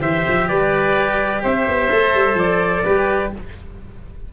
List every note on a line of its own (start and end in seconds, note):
0.00 0.25 E3
0.00 1.89 G4
0.00 0.48 C5
0.00 0.49 E5
0.28 0.49 F3
0.49 1.44 G3
0.49 1.43 B4
0.49 1.43 D5
1.43 1.68 C4
1.43 2.84 C5
1.43 2.39 E5
1.68 1.92 B3
1.91 2.15 A3
1.91 2.85 A4
2.15 2.35 G3
2.35 2.82 F3
2.35 3.33 D5
2.84 3.32 G3
2.84 3.33 G4
2.84 3.32 B4